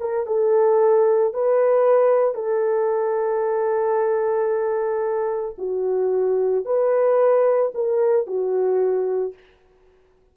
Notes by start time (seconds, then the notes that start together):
0.00 A#4
0.27 A4
1.33 B4
2.34 A4
5.58 F#4
6.65 B4
7.74 A#4
8.26 F#4